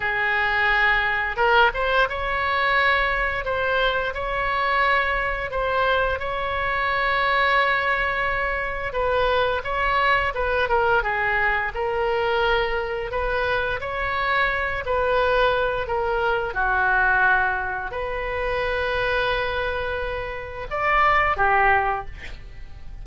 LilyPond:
\new Staff \with { instrumentName = "oboe" } { \time 4/4 \tempo 4 = 87 gis'2 ais'8 c''8 cis''4~ | cis''4 c''4 cis''2 | c''4 cis''2.~ | cis''4 b'4 cis''4 b'8 ais'8 |
gis'4 ais'2 b'4 | cis''4. b'4. ais'4 | fis'2 b'2~ | b'2 d''4 g'4 | }